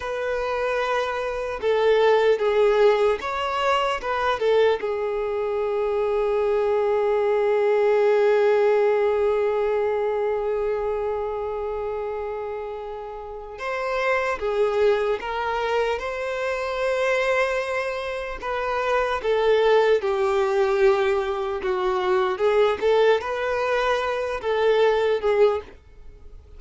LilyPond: \new Staff \with { instrumentName = "violin" } { \time 4/4 \tempo 4 = 75 b'2 a'4 gis'4 | cis''4 b'8 a'8 gis'2~ | gis'1~ | gis'1~ |
gis'4 c''4 gis'4 ais'4 | c''2. b'4 | a'4 g'2 fis'4 | gis'8 a'8 b'4. a'4 gis'8 | }